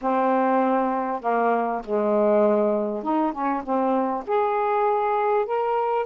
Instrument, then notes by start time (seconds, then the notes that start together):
saxophone
0.01 C4
1.21 A#3
1.84 G#3
3.03 D#4
3.32 C#4
3.63 C4
4.26 G#4
5.45 A#4